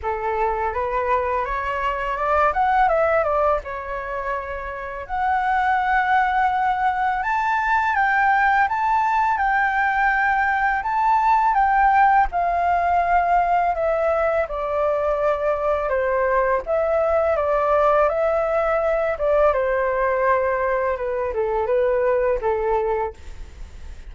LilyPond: \new Staff \with { instrumentName = "flute" } { \time 4/4 \tempo 4 = 83 a'4 b'4 cis''4 d''8 fis''8 | e''8 d''8 cis''2 fis''4~ | fis''2 a''4 g''4 | a''4 g''2 a''4 |
g''4 f''2 e''4 | d''2 c''4 e''4 | d''4 e''4. d''8 c''4~ | c''4 b'8 a'8 b'4 a'4 | }